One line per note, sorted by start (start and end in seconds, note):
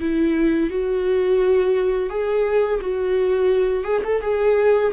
0.00 0.70 E4
0.70 2.09 F#4
2.09 2.80 G#4
2.80 3.83 F#4
3.83 4.01 G#4
4.04 4.21 A4
4.21 4.92 G#4